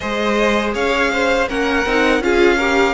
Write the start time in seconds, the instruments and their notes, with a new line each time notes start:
0.00 cello G#3, viola G#4, violin C5 D#5
0.74 cello C#4, violin C#5 F5
1.12 violin C5
1.48 cello A#3, viola C#4, violin A#4 F#5
1.85 cello C4, viola D#4
2.20 cello C#4, viola F4, violin G#4 F5
2.57 viola G4, violin A#4